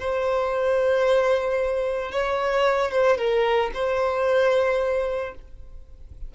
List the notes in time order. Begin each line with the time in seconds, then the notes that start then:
0.00 C5
2.12 C#5
2.91 C5
3.18 A#4
3.75 C5